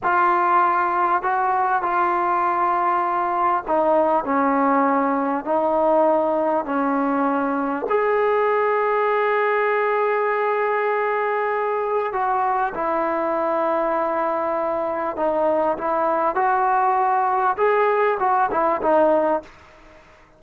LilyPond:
\new Staff \with { instrumentName = "trombone" } { \time 4/4 \tempo 4 = 99 f'2 fis'4 f'4~ | f'2 dis'4 cis'4~ | cis'4 dis'2 cis'4~ | cis'4 gis'2.~ |
gis'1 | fis'4 e'2.~ | e'4 dis'4 e'4 fis'4~ | fis'4 gis'4 fis'8 e'8 dis'4 | }